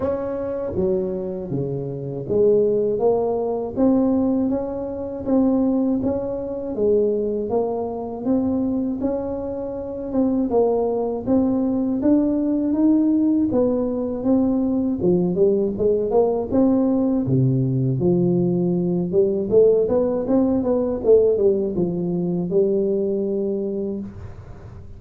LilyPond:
\new Staff \with { instrumentName = "tuba" } { \time 4/4 \tempo 4 = 80 cis'4 fis4 cis4 gis4 | ais4 c'4 cis'4 c'4 | cis'4 gis4 ais4 c'4 | cis'4. c'8 ais4 c'4 |
d'4 dis'4 b4 c'4 | f8 g8 gis8 ais8 c'4 c4 | f4. g8 a8 b8 c'8 b8 | a8 g8 f4 g2 | }